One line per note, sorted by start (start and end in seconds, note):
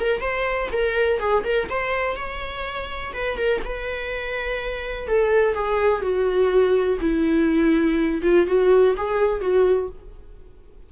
0.00 0.21 A#4
0.21 0.69 C5
0.72 1.20 A#4
1.20 1.44 G#4
1.44 1.68 A#4
1.70 2.16 C5
2.16 3.13 C#5
3.13 3.37 B4
3.37 3.61 A#4
3.65 5.08 B4
5.08 5.54 A4
5.54 6.02 G#4
6.02 6.99 F#4
7.01 8.22 E4
8.23 8.47 F4
8.47 8.95 F#4
8.97 9.41 G#4
9.41 9.89 F#4